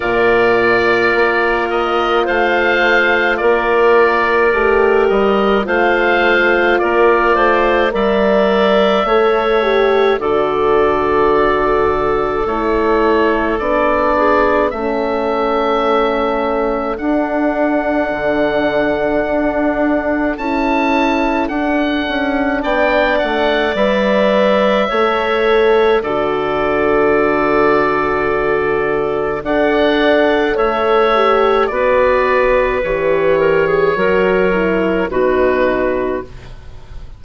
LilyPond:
<<
  \new Staff \with { instrumentName = "oboe" } { \time 4/4 \tempo 4 = 53 d''4. dis''8 f''4 d''4~ | d''8 dis''8 f''4 d''4 e''4~ | e''4 d''2 cis''4 | d''4 e''2 fis''4~ |
fis''2 a''4 fis''4 | g''8 fis''8 e''2 d''4~ | d''2 fis''4 e''4 | d''4 cis''2 b'4 | }
  \new Staff \with { instrumentName = "clarinet" } { \time 4/4 ais'2 c''4 ais'4~ | ais'4 c''4 ais'8 c''8 d''4 | cis''4 a'2.~ | a'8 gis'8 a'2.~ |
a'1 | d''2 cis''4 a'4~ | a'2 d''4 cis''4 | b'4. ais'16 gis'16 ais'4 fis'4 | }
  \new Staff \with { instrumentName = "horn" } { \time 4/4 f'1 | g'4 f'2 ais'4 | a'8 g'8 fis'2 e'4 | d'4 cis'2 d'4~ |
d'2 e'4 d'4~ | d'4 b'4 a'4 fis'4~ | fis'2 a'4. g'8 | fis'4 g'4 fis'8 e'8 dis'4 | }
  \new Staff \with { instrumentName = "bassoon" } { \time 4/4 ais,4 ais4 a4 ais4 | a8 g8 a4 ais8 a8 g4 | a4 d2 a4 | b4 a2 d'4 |
d4 d'4 cis'4 d'8 cis'8 | b8 a8 g4 a4 d4~ | d2 d'4 a4 | b4 e4 fis4 b,4 | }
>>